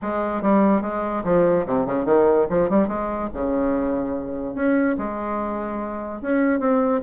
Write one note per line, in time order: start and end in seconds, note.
0.02 0.42 G#3
0.42 0.81 G3
0.81 1.23 G#3
1.24 1.65 F3
1.66 1.86 C3
1.86 2.05 C#3
2.05 2.46 D#3
2.49 2.69 F3
2.69 2.88 G3
2.88 3.29 G#3
3.33 4.54 C#3
4.54 4.96 C#4
4.98 6.21 G#3
6.21 6.59 C#4
6.59 7.00 C4